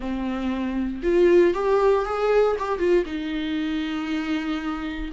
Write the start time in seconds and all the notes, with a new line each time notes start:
0.00 C4
1.03 F4
1.54 G4
2.05 G#4
2.58 G4
2.78 F4
3.05 D#4